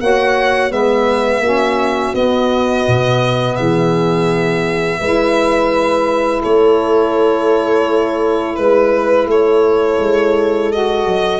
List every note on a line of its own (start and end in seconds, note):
0.00 0.71 A#3
0.00 0.70 F#4
0.00 0.71 C#5
0.00 0.72 F#5
0.70 1.39 G#3
0.70 1.41 B3
0.70 1.42 B4
0.70 2.14 E5
1.39 2.11 A#3
1.39 2.14 C#4
1.39 3.58 F#4
2.14 2.85 B3
2.14 5.00 B3
2.14 3.56 D#5
2.87 3.58 B2
3.56 5.00 E3
3.56 4.99 G#4
3.56 6.41 E5
4.99 6.43 G#3
4.99 10.72 E4
4.99 6.41 B4
6.41 8.57 A3
6.41 8.56 A4
6.41 8.55 C#5
8.55 9.26 G#3
8.55 9.27 B4
9.26 9.97 A3
9.26 11.40 A4
9.26 10.72 C#5
9.98 11.05 G#3
10.72 11.40 F#4
10.72 11.40 D#5
11.05 11.40 F#3